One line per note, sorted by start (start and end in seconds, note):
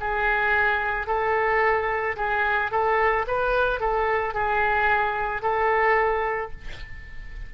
0.00 1.07 G#4
1.07 2.16 A4
2.16 2.71 G#4
2.71 3.25 A4
3.27 3.80 B4
3.80 4.34 A4
4.34 5.41 G#4
5.41 6.51 A4